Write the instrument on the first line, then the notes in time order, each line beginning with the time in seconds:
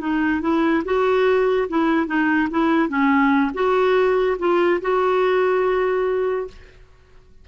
clarinet
0.00 D#4
0.41 E4
0.84 F#4
1.69 E4
2.06 D#4
2.50 E4
2.88 C#4
3.54 F#4
4.38 F4
4.81 F#4